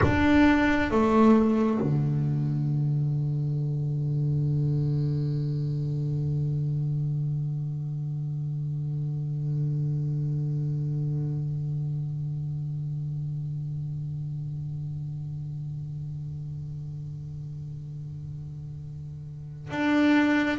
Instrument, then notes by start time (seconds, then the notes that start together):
double bass
0.02 D4
0.90 A3
1.81 D3
19.71 D4